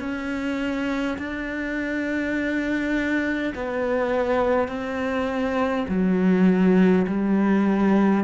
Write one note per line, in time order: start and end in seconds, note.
0.00 1.18 C#4
1.18 3.53 D4
3.55 4.68 B3
4.68 5.86 C4
5.89 7.06 F#3
7.07 8.25 G3